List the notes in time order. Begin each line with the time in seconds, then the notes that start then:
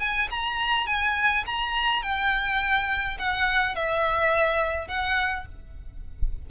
0.00 G#5
0.31 A#5
0.87 G#5
1.46 A#5
2.03 G5
3.19 F#5
3.76 E5
4.88 F#5